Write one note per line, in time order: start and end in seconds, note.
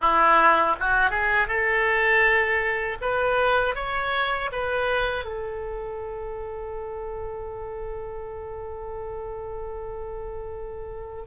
0.01 0.76 E4
0.79 1.10 F#4
1.10 1.47 G#4
1.47 2.97 A4
3.01 3.75 B4
3.75 4.50 C#5
4.52 5.25 B4
5.25 11.25 A4